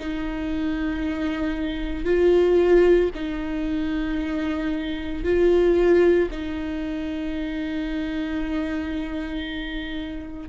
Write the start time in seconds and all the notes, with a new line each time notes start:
0.00 D#4
2.05 F4
3.15 D#4
5.24 F4
6.32 D#4